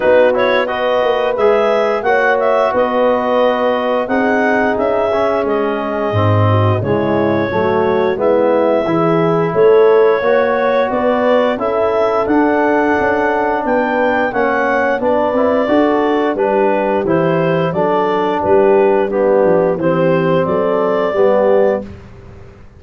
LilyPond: <<
  \new Staff \with { instrumentName = "clarinet" } { \time 4/4 \tempo 4 = 88 b'8 cis''8 dis''4 e''4 fis''8 e''8 | dis''2 fis''4 e''4 | dis''2 cis''2 | e''2 cis''2 |
d''4 e''4 fis''2 | g''4 fis''4 d''2 | b'4 c''4 d''4 b'4 | g'4 c''4 d''2 | }
  \new Staff \with { instrumentName = "horn" } { \time 4/4 fis'4 b'2 cis''4 | b'2 gis'2~ | gis'4. fis'8 e'4 fis'4 | e'4 gis'4 a'4 cis''4 |
b'4 a'2. | b'4 cis''4 b'4 a'4 | g'2 a'4 g'4 | d'4 g'4 a'4 g'4 | }
  \new Staff \with { instrumentName = "trombone" } { \time 4/4 dis'8 e'8 fis'4 gis'4 fis'4~ | fis'2 dis'4. cis'8~ | cis'4 c'4 gis4 a4 | b4 e'2 fis'4~ |
fis'4 e'4 d'2~ | d'4 cis'4 d'8 e'8 fis'4 | d'4 e'4 d'2 | b4 c'2 b4 | }
  \new Staff \with { instrumentName = "tuba" } { \time 4/4 b4. ais8 gis4 ais4 | b2 c'4 cis'4 | gis4 gis,4 cis4 fis4 | gis4 e4 a4 ais4 |
b4 cis'4 d'4 cis'4 | b4 ais4 b8 c'8 d'4 | g4 e4 fis4 g4~ | g8 f8 e4 fis4 g4 | }
>>